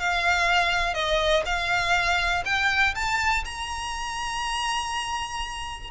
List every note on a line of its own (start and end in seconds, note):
0.00 0.95 F5
0.95 1.44 D#5
1.46 2.44 F5
2.46 2.95 G5
2.95 3.44 A5
3.45 5.91 A#5